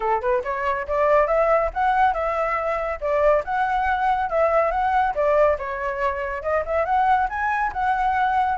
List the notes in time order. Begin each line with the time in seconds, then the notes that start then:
0.00 A4
0.21 B4
0.43 C#5
0.87 D5
1.27 E5
1.73 F#5
2.13 E5
3.00 D5
3.44 F#5
4.29 E5
4.71 F#5
5.14 D5
5.58 C#5
6.42 D#5
6.65 E5
6.85 F#5
7.29 G#5
7.73 F#5